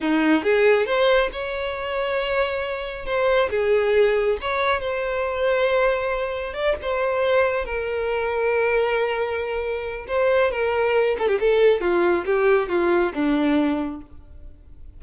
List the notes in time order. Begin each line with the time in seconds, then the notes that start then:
0.00 D#4
0.43 G#4
0.86 C5
1.32 C#5
3.05 C5
3.50 G#4
4.41 C#5
4.80 C5
6.53 D5
6.82 C5
7.65 A#4
10.07 C5
10.51 A#4
11.19 A4
11.28 G4
11.40 A4
11.80 F4
12.25 G4
12.68 F4
13.13 D4